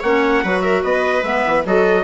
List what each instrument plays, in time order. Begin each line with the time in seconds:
0.00 bassoon A#3, clarinet C#4, viola C#5, trumpet F#5
0.44 bassoon F#3, clarinet F#4, viola B4
0.62 viola A#4, trumpet E5
0.83 bassoon B3, viola B4, trumpet D#5
1.23 bassoon G#3, clarinet B3, trumpet E5
1.46 bassoon E3
1.65 bassoon F#3, clarinet F#4, viola A4, trumpet D#5